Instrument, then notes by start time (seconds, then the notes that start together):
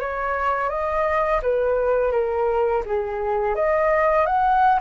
flute
0.00 C#5
0.69 D#5
1.42 B4
2.12 A#4
2.86 G#4
3.55 D#5
4.26 F#5